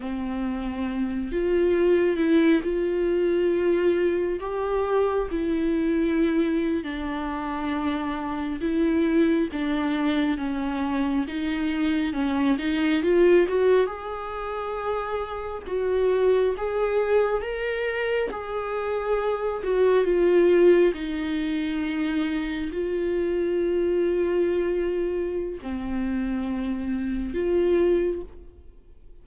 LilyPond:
\new Staff \with { instrumentName = "viola" } { \time 4/4 \tempo 4 = 68 c'4. f'4 e'8 f'4~ | f'4 g'4 e'4.~ e'16 d'16~ | d'4.~ d'16 e'4 d'4 cis'16~ | cis'8. dis'4 cis'8 dis'8 f'8 fis'8 gis'16~ |
gis'4.~ gis'16 fis'4 gis'4 ais'16~ | ais'8. gis'4. fis'8 f'4 dis'16~ | dis'4.~ dis'16 f'2~ f'16~ | f'4 c'2 f'4 | }